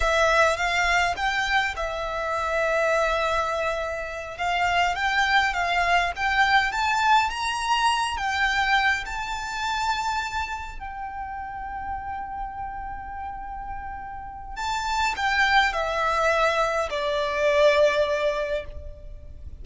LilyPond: \new Staff \with { instrumentName = "violin" } { \time 4/4 \tempo 4 = 103 e''4 f''4 g''4 e''4~ | e''2.~ e''8 f''8~ | f''8 g''4 f''4 g''4 a''8~ | a''8 ais''4. g''4. a''8~ |
a''2~ a''8 g''4.~ | g''1~ | g''4 a''4 g''4 e''4~ | e''4 d''2. | }